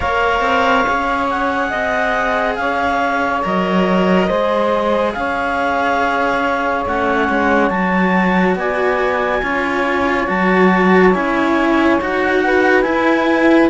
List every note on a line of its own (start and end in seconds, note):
0.00 0.40 A#3
0.00 0.84 A#4
0.00 1.67 C#5
0.00 1.27 F5
0.40 0.83 C4
0.87 1.72 C#4
0.87 3.42 G#4
1.30 2.55 F#5
1.69 2.57 C4
1.69 2.55 D#5
2.55 3.43 C#4
2.55 4.27 C#5
2.55 3.41 F5
3.42 4.29 F#3
3.42 4.28 A#4
3.42 5.13 D#5
4.27 5.15 G#3
4.27 6.87 G#4
4.27 5.12 C5
5.13 6.85 C#4
5.13 8.57 C#5
5.13 6.84 F5
6.85 7.28 A3
6.85 7.70 C#4
6.85 7.69 F#5
7.29 7.70 G#3
7.69 8.55 F#3
7.69 9.41 F#4
7.69 8.55 A5
8.55 9.41 B3
8.55 9.42 D5
8.55 10.28 G#5
9.42 10.28 C#4
9.42 10.26 F4
9.42 12.42 C#5
10.26 11.15 F#3
10.26 11.12 F#4
10.26 11.13 A5
11.13 12.00 C#4
11.13 11.99 E4
11.13 11.99 G#5
12.00 12.86 D#4
12.00 12.82 F#4
12.00 12.82 F#5
12.43 13.70 B4
12.82 13.68 E4
12.82 13.70 E4
12.82 13.67 G#5